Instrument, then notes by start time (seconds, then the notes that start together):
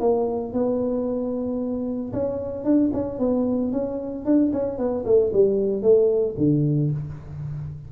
tuba
0.00 A#3
0.53 B3
2.13 C#4
2.64 D4
2.93 C#4
3.19 B3
3.72 C#4
4.25 D4
4.53 C#4
4.78 B3
5.05 A3
5.33 G3
5.82 A3
6.38 D3